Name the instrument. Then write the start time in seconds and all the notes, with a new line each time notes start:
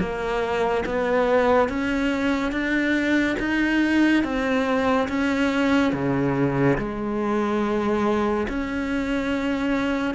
cello
0.00 A#3
0.86 B3
1.69 C#4
2.52 D4
3.40 D#4
4.24 C4
5.09 C#4
5.93 C#3
6.78 G#3
8.49 C#4